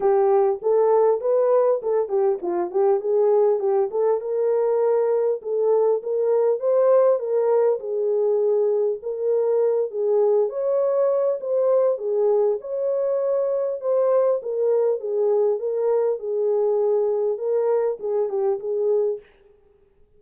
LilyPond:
\new Staff \with { instrumentName = "horn" } { \time 4/4 \tempo 4 = 100 g'4 a'4 b'4 a'8 g'8 | f'8 g'8 gis'4 g'8 a'8 ais'4~ | ais'4 a'4 ais'4 c''4 | ais'4 gis'2 ais'4~ |
ais'8 gis'4 cis''4. c''4 | gis'4 cis''2 c''4 | ais'4 gis'4 ais'4 gis'4~ | gis'4 ais'4 gis'8 g'8 gis'4 | }